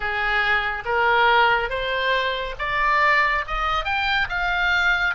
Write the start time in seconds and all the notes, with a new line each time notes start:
0.00 G#4
0.85 A#4
1.69 C5
2.59 D5
3.47 D#5
3.84 G5
4.29 F5